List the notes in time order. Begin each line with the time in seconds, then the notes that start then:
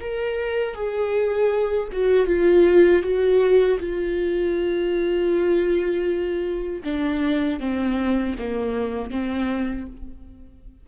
0.00 A#4
0.74 G#4
1.92 F#4
2.26 F4
3.02 F#4
3.79 F4
6.84 D4
7.59 C4
8.38 A#3
9.10 C4